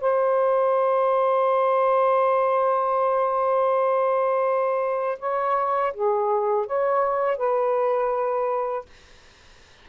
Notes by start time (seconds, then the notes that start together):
0.00 C5
5.19 C#5
5.94 G#4
6.66 C#5
7.37 B4